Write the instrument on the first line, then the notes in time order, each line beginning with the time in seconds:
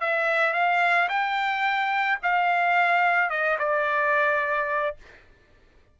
trumpet
0.00 E5
0.53 F5
1.09 G5
2.22 F5
3.30 D#5
3.59 D5